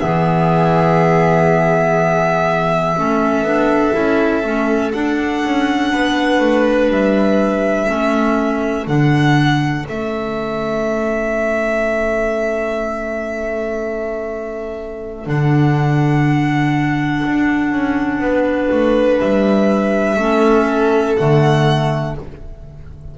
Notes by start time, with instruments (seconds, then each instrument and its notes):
0.00 double bass E3, clarinet B3, violin G#4 E5
2.97 double bass A3, clarinet C#4, violin A4
3.43 double bass B3, clarinet D4
3.93 double bass C#4, clarinet E4
4.43 double bass A3, clarinet C#4
4.92 clarinet D4, double bass D4, violin F#5
5.44 double bass C#4
5.92 double bass B3, violin B4
6.40 double bass A3
6.89 double bass G3, violin E5
7.87 double bass A3, clarinet C#4, violin A4
8.87 double bass D3, clarinet D4, violin F#5
9.85 double bass A3, clarinet C#4, violin E5
15.25 double bass D3, clarinet D4, violin F#5
17.27 double bass D4
17.72 double bass C#4
18.19 double bass B3, violin B4
18.71 double bass A3
19.20 double bass G3, violin E5
20.16 double bass A3, clarinet C#4, violin A4
21.16 double bass D3, clarinet A3, violin F#5